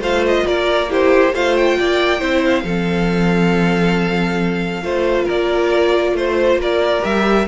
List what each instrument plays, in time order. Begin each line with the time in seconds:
0.00 cello A3, viola F4, violin C5 F5
0.27 violin D#5
0.47 cello A#3, violin A#4 D5
0.89 viola E4, violin G4 C5
1.34 cello A3, viola F4, violin C5 F5
1.57 violin G5
1.79 cello A#3, violin D5
2.20 cello C4, viola E4, violin C5
2.46 violin F5
2.64 cello F3, viola C4, violin A4
4.83 cello A3, viola F4, violin C5
5.26 cello A#3, violin A#4 D5
6.14 cello A3, violin C5
6.56 cello A#3, violin A#4
6.63 violin D5
7.02 cello G3, viola G4, violin E5